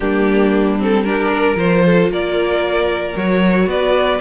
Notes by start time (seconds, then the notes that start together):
0.00 G3 A#3 D4 G4
0.79 C4 A4
1.04 D4 G4 A#4
1.32 A#4
1.55 F3 F4 C5
1.85 A4
2.08 A#3 A#4 D5
3.16 F#3 F#4 C#5
3.66 B3 B4 D5